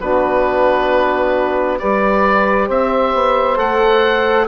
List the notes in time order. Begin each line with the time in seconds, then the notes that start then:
0.00 B3 D4 F#4 B4
1.78 G3 G4 B4 D5
2.67 C4 C5 E5
3.13 B3
3.56 A3 A4 F#5